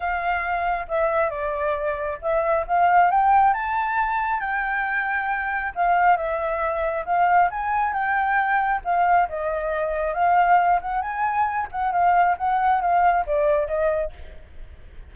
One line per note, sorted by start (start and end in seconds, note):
0.00 0.86 F5
0.87 1.30 E5
1.30 2.18 D5
2.21 2.65 E5
2.67 3.10 F5
3.10 3.53 G5
3.53 4.40 A5
4.40 5.72 G5
5.75 6.16 F5
6.16 7.04 E5
7.05 7.49 F5
7.50 7.93 G#5
7.93 8.81 G5
8.84 9.28 F5
9.29 10.14 D#5
10.14 10.80 F5
10.81 11.01 F#5
11.01 11.67 G#5
11.71 11.92 F#5
11.92 12.36 F5
12.37 12.81 F#5
12.81 13.25 F5
13.26 13.67 D5
13.67 14.11 D#5